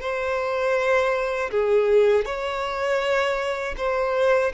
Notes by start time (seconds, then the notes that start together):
0.00 C5
1.50 G#4
2.25 C#5
3.77 C5